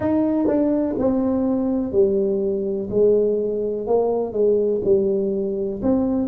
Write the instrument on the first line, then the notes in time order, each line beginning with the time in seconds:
tuba
0.00 D#4
0.47 D4
0.98 C4
1.91 G3
2.90 G#3
3.86 A#3
4.32 G#3
4.84 G3
5.82 C4